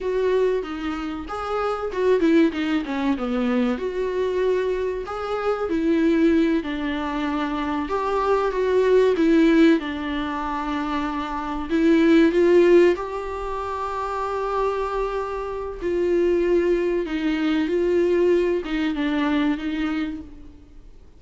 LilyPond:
\new Staff \with { instrumentName = "viola" } { \time 4/4 \tempo 4 = 95 fis'4 dis'4 gis'4 fis'8 e'8 | dis'8 cis'8 b4 fis'2 | gis'4 e'4. d'4.~ | d'8 g'4 fis'4 e'4 d'8~ |
d'2~ d'8 e'4 f'8~ | f'8 g'2.~ g'8~ | g'4 f'2 dis'4 | f'4. dis'8 d'4 dis'4 | }